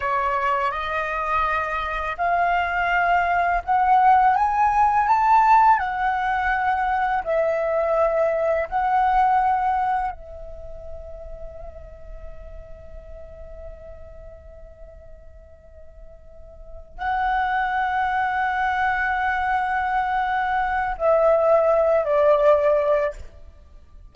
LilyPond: \new Staff \with { instrumentName = "flute" } { \time 4/4 \tempo 4 = 83 cis''4 dis''2 f''4~ | f''4 fis''4 gis''4 a''4 | fis''2 e''2 | fis''2 e''2~ |
e''1~ | e''2.~ e''8 fis''8~ | fis''1~ | fis''4 e''4. d''4. | }